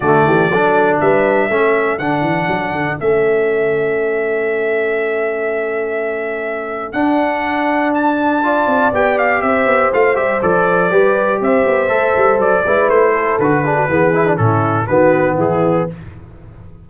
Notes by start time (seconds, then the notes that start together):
0.00 D3 A3 F#4 D5
0.24 E3 G4
0.48 F#3 D4 A4
1.00 G3 B4 E5
1.49 A3 C#4 A4
1.98 D3 D4 F#5
2.21 E3
2.47 F#3
2.71 D3
2.99 A3 C#4 E5
6.92 D4 F#5
7.93 A5
8.42 F4 D5
8.66 C4
8.92 B3 G4 G5
9.18 F5
9.41 C4 C5 E5
9.66 B3
9.92 A3 F4 F5
10.15 G3 G4 E5
10.42 F3 A4 D5
10.90 G3 G4 B4
11.40 C4 C5 E5
11.66 B3
11.88 A3 A4
12.16 G3
12.37 F#3 D5
12.65 G#3 E4 B4
12.88 A3 C5
13.13 A4
13.38 D3 F#4 B4
13.64 D4 G#4
13.75 F#4
13.88 E3 B3 G#4
14.14 E4
14.26 D4
14.36 A2 C#4 E4 A4
14.87 D#3 B3 F#4 B4
15.36 E3 E4 G#4